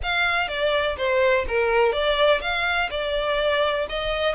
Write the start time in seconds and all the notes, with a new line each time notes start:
0.02 F5
0.48 D5
0.97 C5
1.48 A#4
1.92 D5
2.41 F5
2.90 D5
3.89 D#5